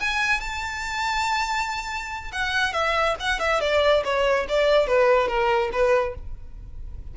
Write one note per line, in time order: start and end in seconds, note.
0.00 0.40 G#5
0.40 2.31 A5
2.32 2.73 F#5
2.73 3.15 E5
3.20 3.39 F#5
3.39 3.61 E5
3.61 4.03 D5
4.04 4.47 C#5
4.48 4.87 D5
4.87 5.27 B4
5.27 5.70 A#4
5.72 6.14 B4